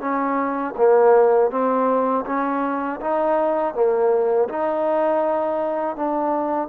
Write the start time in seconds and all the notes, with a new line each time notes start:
0.00 C#4
0.77 A#3
1.51 C4
2.25 C#4
3.00 D#4
3.74 A#3
4.48 D#4
5.95 D4